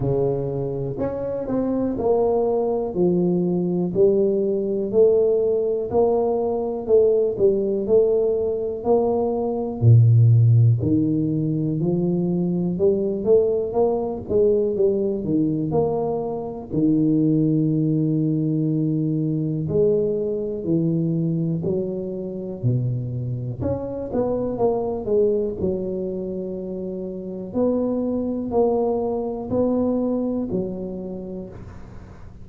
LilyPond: \new Staff \with { instrumentName = "tuba" } { \time 4/4 \tempo 4 = 61 cis4 cis'8 c'8 ais4 f4 | g4 a4 ais4 a8 g8 | a4 ais4 ais,4 dis4 | f4 g8 a8 ais8 gis8 g8 dis8 |
ais4 dis2. | gis4 e4 fis4 b,4 | cis'8 b8 ais8 gis8 fis2 | b4 ais4 b4 fis4 | }